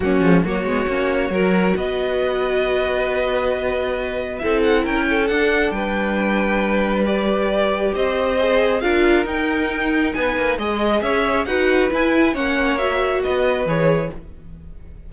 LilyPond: <<
  \new Staff \with { instrumentName = "violin" } { \time 4/4 \tempo 4 = 136 fis'4 cis''2. | dis''1~ | dis''2 e''8 fis''8 g''4 | fis''4 g''2. |
d''2 dis''2 | f''4 g''2 gis''4 | dis''4 e''4 fis''4 gis''4 | fis''4 e''4 dis''4 cis''4 | }
  \new Staff \with { instrumentName = "violin" } { \time 4/4 cis'4 fis'2 ais'4 | b'1~ | b'2 a'4 ais'8 a'8~ | a'4 b'2.~ |
b'2 c''2 | ais'2. b'4 | dis''4 cis''4 b'2 | cis''2 b'2 | }
  \new Staff \with { instrumentName = "viola" } { \time 4/4 ais8 gis8 ais8 b8 cis'4 fis'4~ | fis'1~ | fis'2 e'2 | d'1 |
g'2. gis'4 | f'4 dis'2. | gis'2 fis'4 e'4 | cis'4 fis'2 gis'4 | }
  \new Staff \with { instrumentName = "cello" } { \time 4/4 fis8 f8 fis8 gis8 ais4 fis4 | b1~ | b2 c'4 cis'4 | d'4 g2.~ |
g2 c'2 | d'4 dis'2 b8 ais8 | gis4 cis'4 dis'4 e'4 | ais2 b4 e4 | }
>>